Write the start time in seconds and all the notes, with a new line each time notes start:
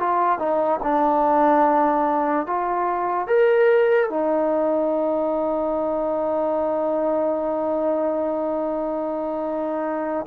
0.00 F4
0.39 D#4
0.83 D4
2.47 F4
3.28 A#4
4.10 D#4